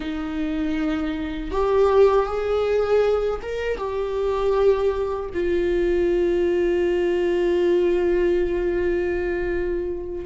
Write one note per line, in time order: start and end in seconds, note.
0.00 1.51 D#4
1.51 2.26 G4
2.26 3.40 G#4
3.42 3.77 A#4
3.77 5.29 G4
5.33 10.25 F4